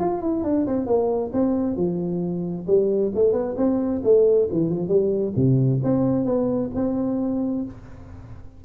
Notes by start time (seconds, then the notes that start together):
0.00 F4
0.22 E4
0.44 D4
0.67 C4
0.87 A#3
1.34 C4
1.76 F3
2.67 G3
3.15 A3
3.33 B3
3.57 C4
4.04 A3
4.52 E3
4.70 F3
4.88 G3
5.36 C3
5.84 C4
6.25 B3
6.76 C4